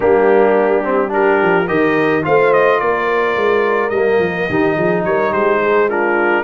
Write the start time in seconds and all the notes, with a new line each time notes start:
0.00 G3 A#3 D4 G4
0.83 C4
1.08 D4 G4 A#4
1.42 F3
1.67 D#3 G4 A#4 D#5
2.22 A3 F4 C5 F5
2.53 D#5
2.80 A#3 A#4 D5
3.36 G#3
3.89 G3 A#3 D#5
4.18 F3
4.48 D#3 D#4 G4
4.75 F3 G#4
5.05 G3 A#4 C#5
5.31 G#3 G4 C5
5.62 G#4
5.88 D4 F4 A#4